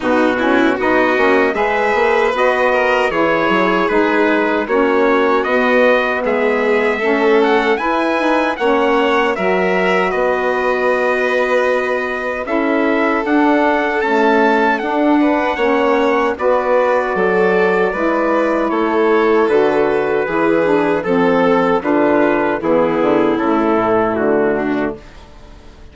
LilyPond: <<
  \new Staff \with { instrumentName = "trumpet" } { \time 4/4 \tempo 4 = 77 fis'4 dis''4 e''4 dis''4 | cis''4 b'4 cis''4 dis''4 | e''4. fis''8 gis''4 fis''4 | e''4 dis''2. |
e''4 fis''4 a''4 fis''4~ | fis''4 d''2. | cis''4 b'2 a'4 | b'4 gis'4 a'4 fis'4 | }
  \new Staff \with { instrumentName = "violin" } { \time 4/4 dis'8 e'8 fis'4 b'4. ais'8 | gis'2 fis'2 | gis'4 a'4 b'4 cis''4 | ais'4 b'2. |
a'2.~ a'8 b'8 | cis''4 b'4 a'4 b'4 | a'2 gis'4 a'4 | f'4 e'2~ e'8 d'8 | }
  \new Staff \with { instrumentName = "saxophone" } { \time 4/4 b8 cis'8 dis'8 cis'8 gis'4 fis'4 | e'4 dis'4 cis'4 b4~ | b4 cis'4 e'8 dis'8 cis'4 | fis'1 |
e'4 d'4 a4 d'4 | cis'4 fis'2 e'4~ | e'4 fis'4 e'8 d'8 c'4 | d'4 b4 a2 | }
  \new Staff \with { instrumentName = "bassoon" } { \time 4/4 b,4 b8 ais8 gis8 ais8 b4 | e8 fis8 gis4 ais4 b4 | gis4 a4 e'4 ais4 | fis4 b2. |
cis'4 d'4 cis'4 d'4 | ais4 b4 fis4 gis4 | a4 d4 e4 f4 | d4 e8 d8 cis8 a,8 d4 | }
>>